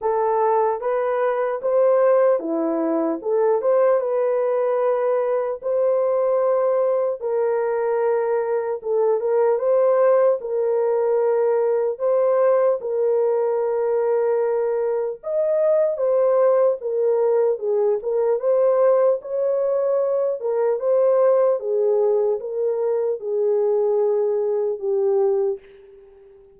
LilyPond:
\new Staff \with { instrumentName = "horn" } { \time 4/4 \tempo 4 = 75 a'4 b'4 c''4 e'4 | a'8 c''8 b'2 c''4~ | c''4 ais'2 a'8 ais'8 | c''4 ais'2 c''4 |
ais'2. dis''4 | c''4 ais'4 gis'8 ais'8 c''4 | cis''4. ais'8 c''4 gis'4 | ais'4 gis'2 g'4 | }